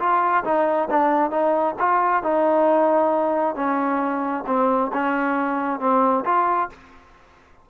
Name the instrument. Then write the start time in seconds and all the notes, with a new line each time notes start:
trombone
0.00 F4
0.44 D#4
0.91 D4
1.31 D#4
1.80 F4
2.24 D#4
3.56 C#4
4.47 C4
4.93 C#4
5.80 C4
6.25 F4